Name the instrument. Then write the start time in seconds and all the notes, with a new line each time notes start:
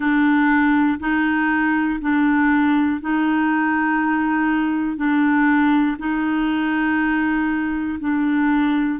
clarinet
0.00 D4
0.99 D#4
2.00 D4
3.00 D#4
4.96 D4
5.98 D#4
7.99 D4